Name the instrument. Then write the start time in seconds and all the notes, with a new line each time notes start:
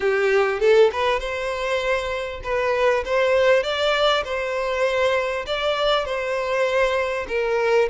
violin
0.00 G4
0.60 A4
0.92 B4
1.19 C5
2.43 B4
3.05 C5
3.63 D5
4.24 C5
5.46 D5
6.05 C5
7.28 A#4